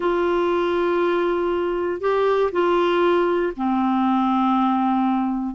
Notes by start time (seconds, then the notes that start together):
0.00 F4
2.00 G4
2.51 F4
3.56 C4